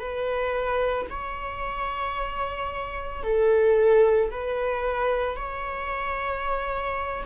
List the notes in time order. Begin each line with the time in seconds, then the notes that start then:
0.00 B4
1.10 C#5
3.23 A4
4.31 B4
5.36 C#5